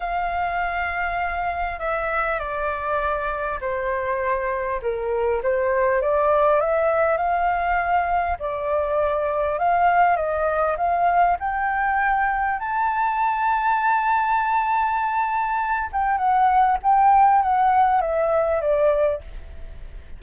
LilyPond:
\new Staff \with { instrumentName = "flute" } { \time 4/4 \tempo 4 = 100 f''2. e''4 | d''2 c''2 | ais'4 c''4 d''4 e''4 | f''2 d''2 |
f''4 dis''4 f''4 g''4~ | g''4 a''2.~ | a''2~ a''8 g''8 fis''4 | g''4 fis''4 e''4 d''4 | }